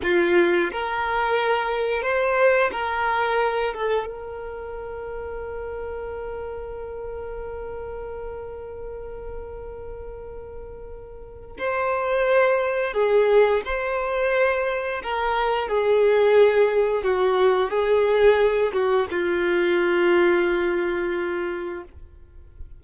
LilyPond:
\new Staff \with { instrumentName = "violin" } { \time 4/4 \tempo 4 = 88 f'4 ais'2 c''4 | ais'4. a'8 ais'2~ | ais'1~ | ais'1~ |
ais'4 c''2 gis'4 | c''2 ais'4 gis'4~ | gis'4 fis'4 gis'4. fis'8 | f'1 | }